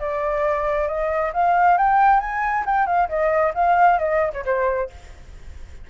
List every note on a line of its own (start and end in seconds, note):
0.00 0.88 D5
0.88 1.33 D#5
1.34 1.78 F5
1.78 2.21 G5
2.21 2.65 G#5
2.66 2.87 G5
2.87 3.09 F5
3.09 3.54 D#5
3.55 3.99 F5
3.99 4.33 D#5
4.34 4.45 C#5
4.46 4.90 C5